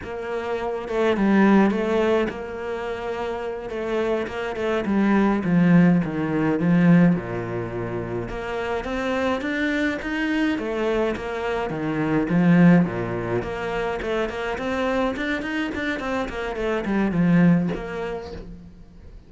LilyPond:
\new Staff \with { instrumentName = "cello" } { \time 4/4 \tempo 4 = 105 ais4. a8 g4 a4 | ais2~ ais8 a4 ais8 | a8 g4 f4 dis4 f8~ | f8 ais,2 ais4 c'8~ |
c'8 d'4 dis'4 a4 ais8~ | ais8 dis4 f4 ais,4 ais8~ | ais8 a8 ais8 c'4 d'8 dis'8 d'8 | c'8 ais8 a8 g8 f4 ais4 | }